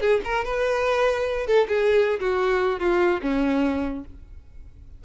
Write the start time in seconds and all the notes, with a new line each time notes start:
0.00 G#4
0.24 A#4
0.44 B4
1.46 A4
1.68 G#4
2.20 F#4
2.79 F4
3.22 C#4